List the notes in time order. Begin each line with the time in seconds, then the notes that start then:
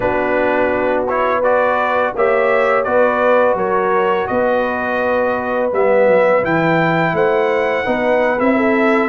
0.00 B3 D4 F#4 B4
1.07 E4 C#5
1.38 F#4 B4 D5
2.15 A#3 G4 C#5 E5
2.83 B3 F#4 B4 D5
3.54 F#3 A#4 C#5
4.27 B3 B4 D#5
5.72 G3 B3 E5
6.07 F#3
6.43 E3 E4 G5
7.13 A3 C5 F#5
7.84 B3 D#4 B4
8.39 C4 E4 E5
8.56 A4